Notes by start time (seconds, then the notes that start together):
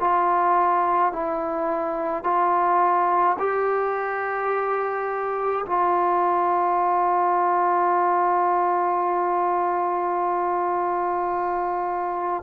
0.00 F4
1.12 E4
2.23 F4
3.39 G4
5.66 F4